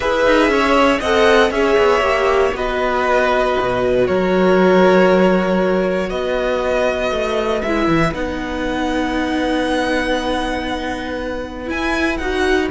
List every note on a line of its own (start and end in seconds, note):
0.00 0.26 E4
0.00 0.99 G#4
0.00 0.50 B4
0.00 1.01 E5
0.26 0.48 D#4
0.48 0.99 C#4
0.48 1.00 C#5
1.00 1.50 C4
1.00 1.51 A4
1.00 1.50 D#5
1.00 1.51 F#5
1.50 1.76 C#4
1.50 2.01 G#4
1.50 2.56 C#5
1.50 2.53 E5
1.77 2.00 B3
2.00 2.51 A#3
2.00 2.53 G4
2.53 3.55 B3
2.53 7.62 F#4
2.53 4.07 B4
2.53 4.07 D#5
3.60 4.08 B2
4.07 6.10 F#3
4.07 6.09 A#4
4.07 6.09 C#5
6.09 7.11 B3
6.09 12.70 B4
6.09 7.62 D#5
7.11 7.62 A3
7.62 7.87 G#3
7.62 8.13 E4
7.62 8.13 E5
7.87 8.13 E3
8.13 11.69 B3
8.13 11.65 D#4
8.13 11.69 F#5
11.65 12.16 E4
11.65 12.19 E4
11.65 12.17 G#5
12.17 12.70 D#4
12.17 12.71 F#4
12.17 12.68 F#5